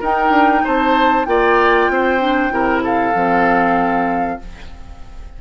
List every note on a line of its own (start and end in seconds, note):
0.00 0.30 D#4
0.00 1.26 D#4
0.00 0.62 A#4
0.00 0.66 G5
0.30 0.61 D4
0.64 1.27 C4
0.64 1.27 C5
0.64 1.25 A5
1.25 1.89 A#3
1.25 2.19 F4
1.25 1.92 D5
1.25 2.81 G5
1.89 2.51 C4
1.89 2.53 C5
2.19 2.50 D4
2.51 3.13 C3
2.51 3.13 E4
2.51 2.83 A#4
2.83 4.40 A4
2.83 4.41 F5
3.15 4.40 F3
3.15 4.40 C4